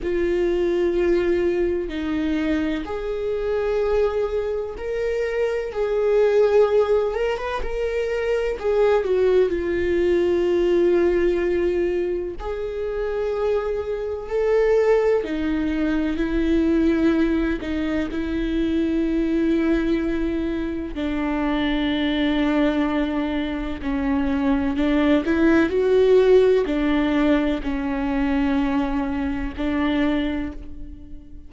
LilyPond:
\new Staff \with { instrumentName = "viola" } { \time 4/4 \tempo 4 = 63 f'2 dis'4 gis'4~ | gis'4 ais'4 gis'4. ais'16 b'16 | ais'4 gis'8 fis'8 f'2~ | f'4 gis'2 a'4 |
dis'4 e'4. dis'8 e'4~ | e'2 d'2~ | d'4 cis'4 d'8 e'8 fis'4 | d'4 cis'2 d'4 | }